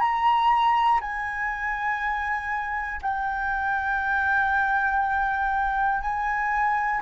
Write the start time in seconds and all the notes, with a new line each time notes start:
0.00 A#5
1.01 G#5
3.02 G5
6.01 G#5